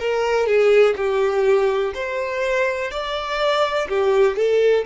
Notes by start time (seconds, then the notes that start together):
0.00 A#4
0.47 G#4
0.96 G4
1.94 C5
2.91 D5
3.89 G4
4.36 A4